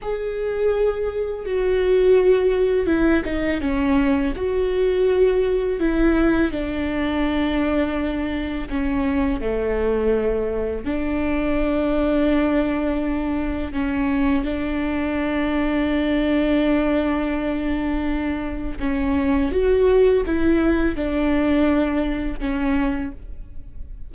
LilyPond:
\new Staff \with { instrumentName = "viola" } { \time 4/4 \tempo 4 = 83 gis'2 fis'2 | e'8 dis'8 cis'4 fis'2 | e'4 d'2. | cis'4 a2 d'4~ |
d'2. cis'4 | d'1~ | d'2 cis'4 fis'4 | e'4 d'2 cis'4 | }